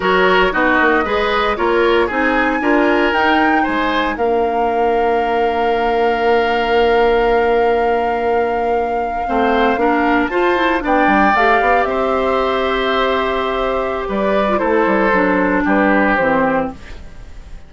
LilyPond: <<
  \new Staff \with { instrumentName = "flute" } { \time 4/4 \tempo 4 = 115 cis''4 dis''2 cis''4 | gis''2 g''4 gis''4 | f''1~ | f''1~ |
f''2.~ f''8. a''16~ | a''8. g''4 f''4 e''4~ e''16~ | e''2. d''4 | c''2 b'4 c''4 | }
  \new Staff \with { instrumentName = "oboe" } { \time 4/4 ais'4 fis'4 b'4 ais'4 | gis'4 ais'2 c''4 | ais'1~ | ais'1~ |
ais'4.~ ais'16 c''4 ais'4 c''16~ | c''8. d''2 c''4~ c''16~ | c''2. b'4 | a'2 g'2 | }
  \new Staff \with { instrumentName = "clarinet" } { \time 4/4 fis'4 dis'4 gis'4 f'4 | dis'4 f'4 dis'2 | d'1~ | d'1~ |
d'4.~ d'16 c'4 d'4 f'16~ | f'16 e'8 d'4 g'2~ g'16~ | g'2.~ g'8. f'16 | e'4 d'2 c'4 | }
  \new Staff \with { instrumentName = "bassoon" } { \time 4/4 fis4 b8 ais8 gis4 ais4 | c'4 d'4 dis'4 gis4 | ais1~ | ais1~ |
ais4.~ ais16 a4 ais4 f'16~ | f'8. b8 g8 a8 b8 c'4~ c'16~ | c'2. g4 | a8 g8 fis4 g4 e4 | }
>>